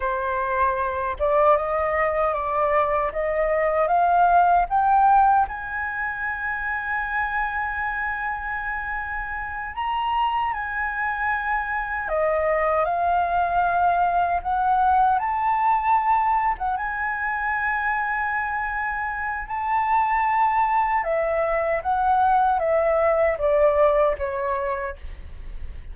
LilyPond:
\new Staff \with { instrumentName = "flute" } { \time 4/4 \tempo 4 = 77 c''4. d''8 dis''4 d''4 | dis''4 f''4 g''4 gis''4~ | gis''1~ | gis''8 ais''4 gis''2 dis''8~ |
dis''8 f''2 fis''4 a''8~ | a''4~ a''16 fis''16 gis''2~ gis''8~ | gis''4 a''2 e''4 | fis''4 e''4 d''4 cis''4 | }